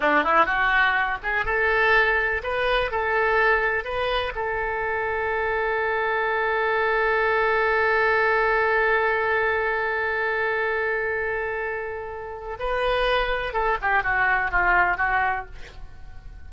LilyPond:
\new Staff \with { instrumentName = "oboe" } { \time 4/4 \tempo 4 = 124 d'8 e'8 fis'4. gis'8 a'4~ | a'4 b'4 a'2 | b'4 a'2.~ | a'1~ |
a'1~ | a'1~ | a'2 b'2 | a'8 g'8 fis'4 f'4 fis'4 | }